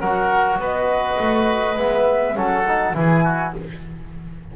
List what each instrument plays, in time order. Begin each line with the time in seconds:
0.00 double bass F#3, trombone F#4, oboe A#4, flute F#5
0.59 double bass B3, oboe B4, flute D#5
1.19 double bass A3
1.77 double bass G#3, trombone B3, flute E5
2.35 double bass F#3, trombone C#4, oboe A4, flute F#5
2.68 trombone D#4
2.95 double bass E3, trombone E4, oboe G#4, flute G#5
3.24 oboe F#4